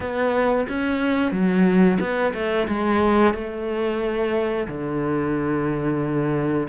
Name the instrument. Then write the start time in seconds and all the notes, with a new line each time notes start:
cello
0.00 B3
0.68 C#4
1.32 F#3
1.99 B3
2.34 A3
2.68 G#3
3.33 A3
4.67 D3